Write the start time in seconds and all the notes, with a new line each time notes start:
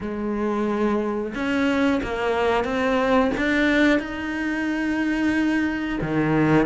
0.00 G#3
1.34 C#4
2.03 A#3
2.64 C4
3.37 D4
3.99 D#4
6.01 D#3